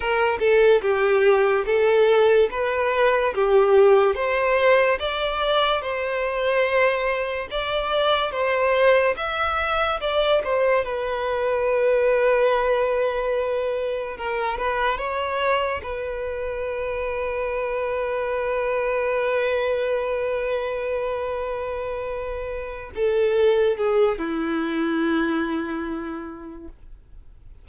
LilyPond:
\new Staff \with { instrumentName = "violin" } { \time 4/4 \tempo 4 = 72 ais'8 a'8 g'4 a'4 b'4 | g'4 c''4 d''4 c''4~ | c''4 d''4 c''4 e''4 | d''8 c''8 b'2.~ |
b'4 ais'8 b'8 cis''4 b'4~ | b'1~ | b'2.~ b'8 a'8~ | a'8 gis'8 e'2. | }